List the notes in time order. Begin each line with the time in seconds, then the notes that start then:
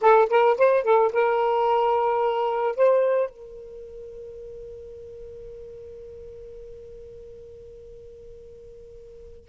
0.01 A4
0.29 A#4
0.57 C5
0.83 A4
1.12 A#4
2.76 C5
3.30 A#4